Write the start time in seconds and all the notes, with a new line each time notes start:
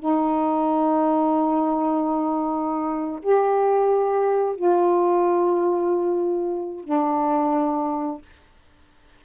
0.00 D#4
3.23 G4
4.56 F4
6.85 D4